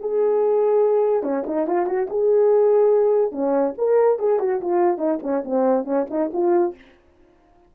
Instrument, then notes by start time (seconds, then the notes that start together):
horn
0.00 G#4
1.23 C#4
1.47 D#4
1.67 F4
1.87 F#4
2.10 G#4
3.32 C#4
3.78 A#4
4.19 G#4
4.40 F#4
4.62 F4
4.98 D#4
5.23 C#4
5.45 C4
5.85 C#4
6.10 D#4
6.33 F4